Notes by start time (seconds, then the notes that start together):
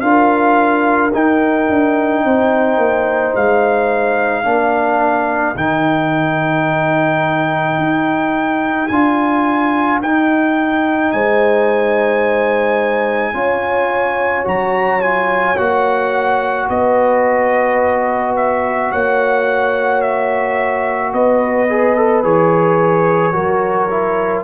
0.00 D4 F4 A#4 F5
1.13 D#4 G5
1.69 D4
2.25 C4 C5
2.78 A#3
3.35 G#3 F5
4.44 A#3 D4 A#4
5.55 D#3 D#4 G5
7.78 D#4
8.88 D4 F4 G#5
10.01 D#4 G5
11.12 G#3 C5 G#5
13.34 C#4 F4 C#5
14.44 F#3 F#4 A#5
15.00 F4 G#5
15.57 A#3 F#4 F#5
16.69 B3 B4 D#5
18.36 E5
18.91 A#3 C#5 F#5
20.01 E5
21.13 B3 B4 D#5
21.69 G#4
21.96 A4
22.23 E3 G#4 C#5
23.32 F#3 F#4 A#4
23.90 E4